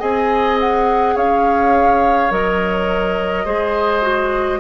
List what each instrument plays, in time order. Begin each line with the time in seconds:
0.00 bassoon C4, clarinet G#4, oboe D#5, flute G#5
0.60 flute F#5
1.15 bassoon C#4, oboe C#5, flute F5
2.31 bassoon F#3, clarinet A#4, flute D#5
3.45 bassoon G#3, clarinet G#4, oboe C5
4.02 clarinet F#4